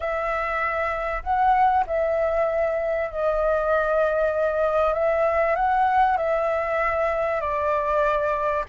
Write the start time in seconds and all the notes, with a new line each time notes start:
0.00 E5
1.23 F#5
1.87 E5
3.11 D#5
4.93 E5
5.55 F#5
6.17 E5
7.40 D5